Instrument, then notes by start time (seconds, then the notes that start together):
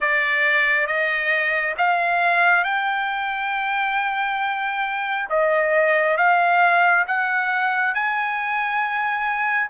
trumpet
0.00 D5
0.86 D#5
1.77 F5
2.64 G5
5.29 D#5
6.17 F5
7.07 F#5
7.94 G#5